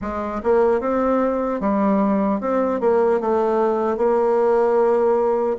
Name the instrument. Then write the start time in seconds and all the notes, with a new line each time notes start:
bassoon
0.01 G#3
0.43 A#3
0.80 C4
1.60 G3
2.40 C4
2.80 A#3
3.20 A3
3.97 A#3